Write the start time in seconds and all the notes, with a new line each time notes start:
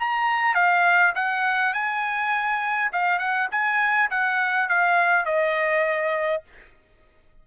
0.00 A#5
0.55 F5
1.16 F#5
1.74 G#5
2.93 F5
3.19 F#5
3.52 G#5
4.11 F#5
4.69 F5
5.26 D#5